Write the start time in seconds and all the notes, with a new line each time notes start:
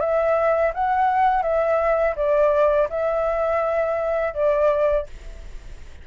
0.00 E5
0.74 F#5
1.43 E5
2.16 D5
2.90 E5
4.34 D5